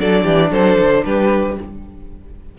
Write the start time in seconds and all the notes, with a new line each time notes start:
0.00 F#3 D4 A4 D5
0.24 E3 G4
0.51 F#3 A4 C5
0.80 D3
1.05 G3 G4 B4